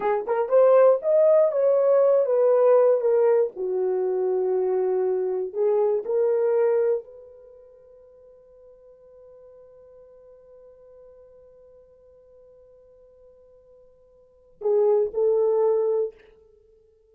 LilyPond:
\new Staff \with { instrumentName = "horn" } { \time 4/4 \tempo 4 = 119 gis'8 ais'8 c''4 dis''4 cis''4~ | cis''8 b'4. ais'4 fis'4~ | fis'2. gis'4 | ais'2 b'2~ |
b'1~ | b'1~ | b'1~ | b'4 gis'4 a'2 | }